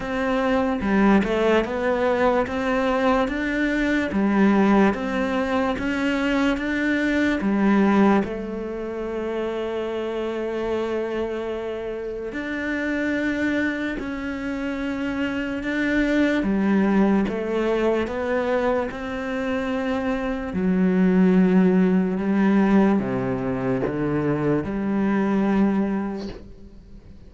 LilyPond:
\new Staff \with { instrumentName = "cello" } { \time 4/4 \tempo 4 = 73 c'4 g8 a8 b4 c'4 | d'4 g4 c'4 cis'4 | d'4 g4 a2~ | a2. d'4~ |
d'4 cis'2 d'4 | g4 a4 b4 c'4~ | c'4 fis2 g4 | c4 d4 g2 | }